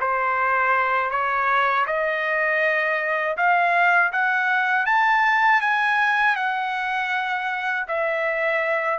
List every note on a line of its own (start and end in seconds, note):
0.00 1.10 C5
1.10 1.85 C#5
1.86 3.36 D#5
3.37 4.12 F5
4.12 4.86 F#5
4.86 5.61 A5
5.61 6.35 G#5
6.35 7.85 F#5
7.88 8.99 E5